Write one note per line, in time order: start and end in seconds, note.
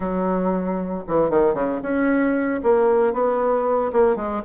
0.00 1.04 F#3
1.07 1.29 E3
1.29 1.54 D#3
1.54 1.80 C#3
1.82 2.60 C#4
2.63 3.13 A#3
3.13 3.91 B3
3.92 4.16 A#3
4.16 4.42 G#3